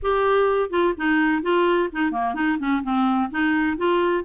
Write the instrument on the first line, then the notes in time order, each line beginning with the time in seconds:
clarinet
0.02 G4
0.70 F4
0.97 D#4
1.42 F4
1.92 D#4
2.11 A#3
2.34 D#4
2.59 C#4
2.83 C4
3.30 D#4
3.77 F4